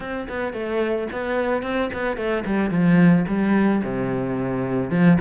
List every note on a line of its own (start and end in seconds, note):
0.00 0.27 C4
0.29 0.53 B3
0.53 1.07 A3
1.12 1.62 B3
1.62 1.89 C4
1.93 2.16 B3
2.16 2.44 A3
2.45 2.70 G3
2.70 3.25 F3
3.28 3.82 G3
3.84 4.90 C3
4.90 5.17 F3